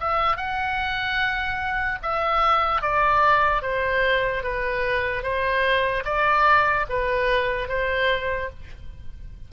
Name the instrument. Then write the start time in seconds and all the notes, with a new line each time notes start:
oboe
0.00 E5
0.36 F#5
2.02 E5
2.81 D5
3.62 C5
4.43 B4
5.22 C5
6.04 D5
6.89 B4
7.68 C5